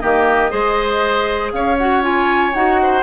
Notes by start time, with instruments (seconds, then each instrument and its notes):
0.00 bassoon D#3, clarinet A#3, oboe G4, flute D#5
0.50 bassoon G#3, clarinet G#4, oboe C5
1.52 bassoon C#4, oboe C#5, flute F5
1.78 clarinet F#4, flute F#5
2.01 clarinet F4, flute G#5
2.53 bassoon D#4, clarinet F#4, flute F#5
2.82 oboe C5